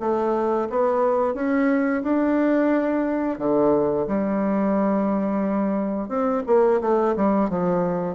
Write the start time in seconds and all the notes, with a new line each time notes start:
0.00 A3
0.70 B3
1.34 C#4
2.03 D4
3.38 D3
4.07 G3
6.08 C4
6.46 A#3
6.81 A3
7.16 G3
7.49 F3